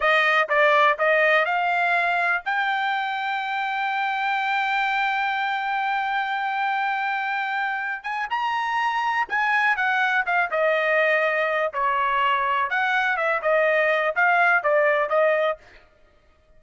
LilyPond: \new Staff \with { instrumentName = "trumpet" } { \time 4/4 \tempo 4 = 123 dis''4 d''4 dis''4 f''4~ | f''4 g''2.~ | g''1~ | g''1~ |
g''8 gis''8 ais''2 gis''4 | fis''4 f''8 dis''2~ dis''8 | cis''2 fis''4 e''8 dis''8~ | dis''4 f''4 d''4 dis''4 | }